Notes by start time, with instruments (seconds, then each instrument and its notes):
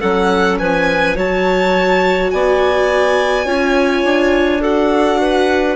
0.00 bassoon F#3, viola C#4, clarinet A4, violin F#5
0.59 bassoon F3, clarinet B4, violin G#5
1.15 bassoon F#3, viola F#4, clarinet C#5, violin A5
2.30 bassoon B3, clarinet D5, violin G#5
3.45 bassoon C#4, viola F4, clarinet C#5
4.04 bassoon D4
4.61 viola F#4, clarinet A4, violin F#5
5.20 clarinet B4